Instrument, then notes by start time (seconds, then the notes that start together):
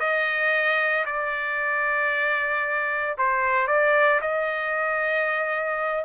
trumpet
0.00 D#5
1.06 D5
3.18 C5
3.68 D5
4.22 D#5